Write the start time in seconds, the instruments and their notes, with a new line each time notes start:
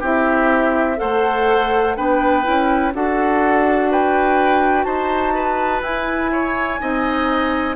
0.00 bassoon C4, clarinet E4, oboe G4, flute E5
0.96 bassoon A3, clarinet A4, oboe C5, flute F#5
1.96 bassoon B3, clarinet D4, oboe B4, flute G5
2.43 bassoon C#4, clarinet E4
2.94 bassoon D4, clarinet F#4, oboe A4, flute F#5
3.91 oboe B4, flute G5
4.84 bassoon D#4, oboe C5, flute A5
5.35 oboe B4
5.82 bassoon E4, clarinet E4, flute G#5
6.32 oboe C#5
6.80 bassoon C4, clarinet D#4, oboe D#5